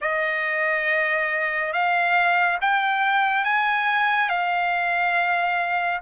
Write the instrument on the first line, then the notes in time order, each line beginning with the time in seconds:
trumpet
0.01 D#5
1.72 F5
2.61 G5
3.44 G#5
4.29 F5